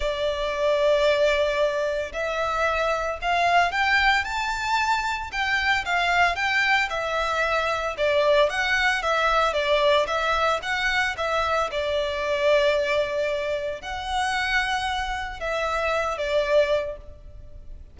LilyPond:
\new Staff \with { instrumentName = "violin" } { \time 4/4 \tempo 4 = 113 d''1 | e''2 f''4 g''4 | a''2 g''4 f''4 | g''4 e''2 d''4 |
fis''4 e''4 d''4 e''4 | fis''4 e''4 d''2~ | d''2 fis''2~ | fis''4 e''4. d''4. | }